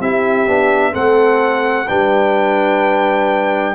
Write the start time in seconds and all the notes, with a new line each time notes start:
0.00 C4 E4 G4 E5
0.48 B3 D4
0.93 A3 C4 A4 F#5
1.88 G3 D4 B4 G5